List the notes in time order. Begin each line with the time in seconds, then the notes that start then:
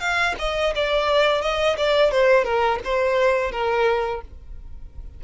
0.00 F5
0.39 D#5
0.75 D5
1.41 D#5
1.77 D5
2.11 C5
2.44 A#4
2.84 C5
3.51 A#4